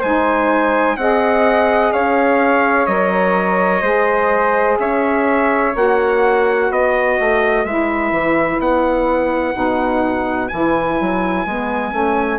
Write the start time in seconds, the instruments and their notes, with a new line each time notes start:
0.00 bassoon G#3, saxophone D#4, flute C5, trumpet G#5
0.97 bassoon C4, saxophone G#4, flute D#5, trumpet F#5
1.92 bassoon C#4, flute C#5, trumpet F5
2.87 bassoon F#3, saxophone A#4, trumpet D#5
3.82 bassoon G#3, saxophone G#4, flute C5
4.79 bassoon C#4, flute C#5, trumpet E5
5.75 bassoon A#3, saxophone F#4, trumpet F#5
6.70 bassoon B3, flute B4, trumpet D#5
7.20 bassoon A3
7.65 bassoon G#3, saxophone E4, trumpet E5
8.12 bassoon E3
8.60 bassoon B3, trumpet F#5
9.53 bassoon B2, saxophone D#4
10.49 bassoon E3, saxophone E4, trumpet G#5
11.00 bassoon F#3
11.46 bassoon G#3, saxophone B3
11.92 bassoon A3, saxophone C#4